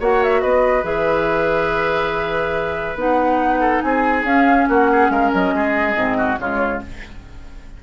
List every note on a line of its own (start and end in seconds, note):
0.00 0.43 A#3
0.00 0.83 F#4
0.00 0.42 C#5
0.00 0.24 F#5
0.24 0.42 E5
0.42 0.84 B3
0.42 3.60 B4
0.42 0.84 D#5
0.83 2.96 E3
0.83 2.96 G#4
0.83 2.98 E5
2.96 3.81 B3
2.96 4.25 D#4
2.96 3.82 F#5
3.60 3.82 A4
3.82 4.24 C4
3.82 4.69 G#4
3.82 4.24 G#5
4.24 4.66 C#4
4.24 5.96 C#4
4.24 4.68 F5
4.69 5.10 A#3
4.69 4.91 F#4
4.69 5.11 F#5
4.92 5.12 G#4
5.10 5.31 G#3
5.10 5.54 A#4
5.10 5.33 F5
5.33 5.53 F#3
5.33 6.40 D#5
5.53 5.96 G#3
5.53 6.18 G#4
5.96 6.39 G#2
5.96 6.38 C4
6.18 6.39 F#4
6.39 6.81 C#3
6.39 6.82 G#3
6.39 6.84 F4
6.39 6.82 C#5